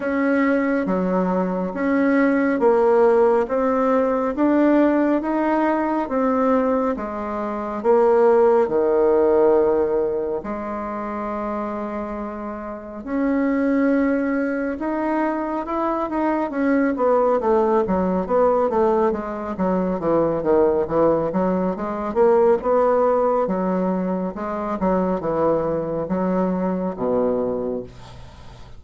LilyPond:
\new Staff \with { instrumentName = "bassoon" } { \time 4/4 \tempo 4 = 69 cis'4 fis4 cis'4 ais4 | c'4 d'4 dis'4 c'4 | gis4 ais4 dis2 | gis2. cis'4~ |
cis'4 dis'4 e'8 dis'8 cis'8 b8 | a8 fis8 b8 a8 gis8 fis8 e8 dis8 | e8 fis8 gis8 ais8 b4 fis4 | gis8 fis8 e4 fis4 b,4 | }